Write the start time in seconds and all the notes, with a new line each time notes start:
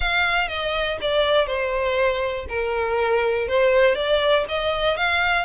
0.00 F5
0.48 D#5
1.01 D5
1.47 C5
2.48 A#4
3.48 C5
3.95 D5
4.48 D#5
4.97 F5